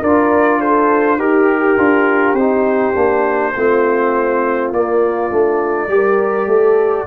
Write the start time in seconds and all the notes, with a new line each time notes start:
0.00 D4 F4 A#4 D5
0.59 A4 C5
1.18 D#4 G4 A#4
1.78 D4 F4
2.33 C4 D#4 C5
2.94 A#3 D4
3.55 A3 C4 F4
4.71 A#3 D5
5.30 A3 D4
5.88 G3 G4
5.94 A#4
6.46 A3 A4